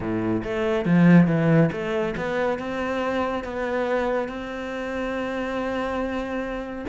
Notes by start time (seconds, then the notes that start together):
0.00 A2
0.43 A3
0.85 F3
1.27 E3
1.71 A3
2.16 B3
2.59 C4
3.43 B3
4.28 C4